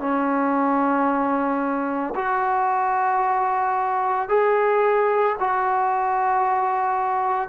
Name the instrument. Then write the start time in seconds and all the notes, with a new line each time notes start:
trombone
0.00 C#4
2.16 F#4
4.29 G#4
5.40 F#4